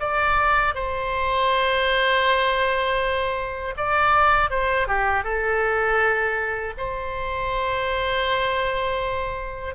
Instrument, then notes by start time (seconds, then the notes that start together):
oboe
0.00 D5
0.75 C5
3.77 D5
4.50 C5
4.88 G4
5.24 A4
6.77 C5